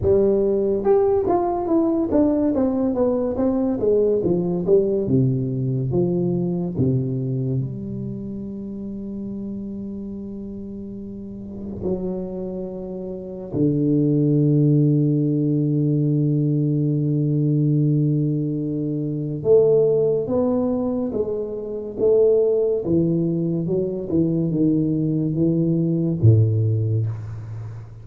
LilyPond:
\new Staff \with { instrumentName = "tuba" } { \time 4/4 \tempo 4 = 71 g4 g'8 f'8 e'8 d'8 c'8 b8 | c'8 gis8 f8 g8 c4 f4 | c4 g2.~ | g2 fis2 |
d1~ | d2. a4 | b4 gis4 a4 e4 | fis8 e8 dis4 e4 a,4 | }